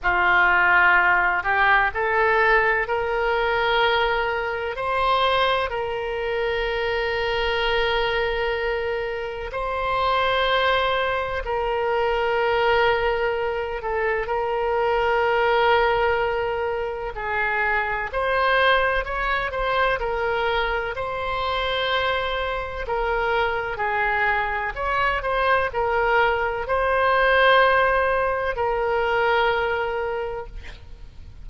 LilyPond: \new Staff \with { instrumentName = "oboe" } { \time 4/4 \tempo 4 = 63 f'4. g'8 a'4 ais'4~ | ais'4 c''4 ais'2~ | ais'2 c''2 | ais'2~ ais'8 a'8 ais'4~ |
ais'2 gis'4 c''4 | cis''8 c''8 ais'4 c''2 | ais'4 gis'4 cis''8 c''8 ais'4 | c''2 ais'2 | }